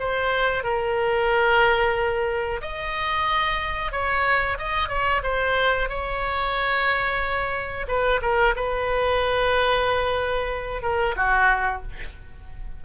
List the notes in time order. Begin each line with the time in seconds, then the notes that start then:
0.00 C5
0.64 A#4
2.62 D#5
3.92 C#5
4.58 D#5
4.89 C#5
5.23 C5
5.89 C#5
7.88 B4
8.22 A#4
8.56 B4
10.83 A#4
11.17 F#4